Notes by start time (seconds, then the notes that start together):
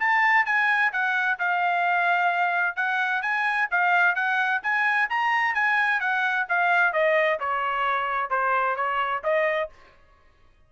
0.00 A5
0.46 G#5
0.93 F#5
1.39 F5
2.76 F#5
3.22 G#5
3.71 F5
4.16 F#5
4.63 G#5
5.10 A#5
5.55 G#5
6.00 F#5
6.49 F5
6.93 D#5
7.40 C#5
8.30 C5
8.76 C#5
9.24 D#5